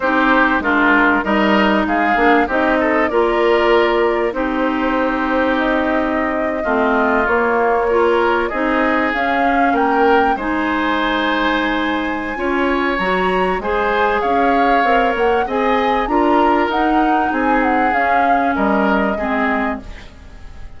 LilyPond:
<<
  \new Staff \with { instrumentName = "flute" } { \time 4/4 \tempo 4 = 97 c''4 ais'4 dis''4 f''4 | dis''4 d''2 c''4~ | c''4 dis''2~ dis''8. cis''16~ | cis''4.~ cis''16 dis''4 f''4 g''16~ |
g''8. gis''2.~ gis''16~ | gis''4 ais''4 gis''4 f''4~ | f''8 fis''8 gis''4 ais''4 fis''4 | gis''8 fis''8 f''4 dis''2 | }
  \new Staff \with { instrumentName = "oboe" } { \time 4/4 g'4 f'4 ais'4 gis'4 | g'8 a'8 ais'2 g'4~ | g'2~ g'8. f'4~ f'16~ | f'8. ais'4 gis'2 ais'16~ |
ais'8. c''2.~ c''16 | cis''2 c''4 cis''4~ | cis''4 dis''4 ais'2 | gis'2 ais'4 gis'4 | }
  \new Staff \with { instrumentName = "clarinet" } { \time 4/4 dis'4 d'4 dis'4. d'8 | dis'4 f'2 dis'4~ | dis'2~ dis'8. c'4 ais16~ | ais8. f'4 dis'4 cis'4~ cis'16~ |
cis'8. dis'2.~ dis'16 | f'4 fis'4 gis'2 | ais'4 gis'4 f'4 dis'4~ | dis'4 cis'2 c'4 | }
  \new Staff \with { instrumentName = "bassoon" } { \time 4/4 c'4 gis4 g4 gis8 ais8 | c'4 ais2 c'4~ | c'2~ c'8. a4 ais16~ | ais4.~ ais16 c'4 cis'4 ais16~ |
ais8. gis2.~ gis16 | cis'4 fis4 gis4 cis'4 | c'8 ais8 c'4 d'4 dis'4 | c'4 cis'4 g4 gis4 | }
>>